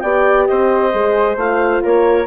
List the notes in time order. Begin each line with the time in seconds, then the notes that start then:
0.00 B3 G4 D5 G5
0.46 C4 C5 D#5
0.93 G#3 G#4
1.36 A3 F4 F5
1.83 A#3 A#4 C#5